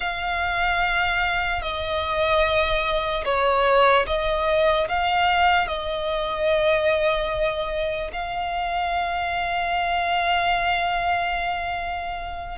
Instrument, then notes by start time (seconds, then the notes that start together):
violin
0.00 F5
1.62 D#5
3.24 C#5
4.07 D#5
4.88 F5
5.67 D#5
8.12 F5